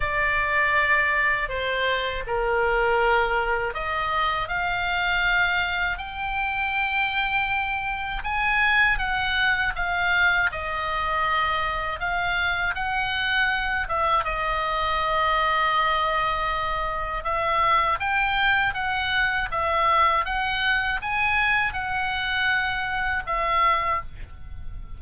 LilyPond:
\new Staff \with { instrumentName = "oboe" } { \time 4/4 \tempo 4 = 80 d''2 c''4 ais'4~ | ais'4 dis''4 f''2 | g''2. gis''4 | fis''4 f''4 dis''2 |
f''4 fis''4. e''8 dis''4~ | dis''2. e''4 | g''4 fis''4 e''4 fis''4 | gis''4 fis''2 e''4 | }